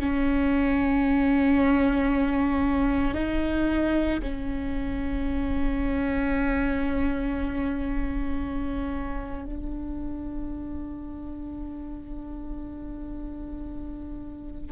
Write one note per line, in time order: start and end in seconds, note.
0.00 3.14 C#4
3.14 4.20 D#4
4.23 9.46 C#4
9.46 14.72 D4